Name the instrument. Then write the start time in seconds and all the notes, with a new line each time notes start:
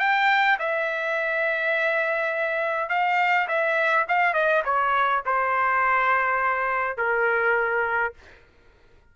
trumpet
0.00 G5
0.60 E5
2.89 F5
3.48 E5
4.09 F5
4.34 D#5
4.65 C#5
5.26 C5
6.97 A#4